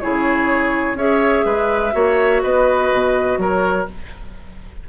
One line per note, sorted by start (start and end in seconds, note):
0.00 0.94 C#3
0.00 0.97 E4
0.00 0.97 G#4
0.00 0.97 C#5
0.94 1.42 C#4
0.94 1.91 G#4
0.94 1.45 C#5
0.94 2.42 E5
1.45 1.93 G#3
1.45 1.93 B4
1.91 2.42 A#3
1.91 3.85 F#4
1.91 2.42 C#5
2.42 2.92 B3
2.42 3.39 B4
2.42 3.39 D#5
2.92 3.37 B2
3.37 3.86 F#3
3.37 3.88 A#4
3.37 3.88 C#5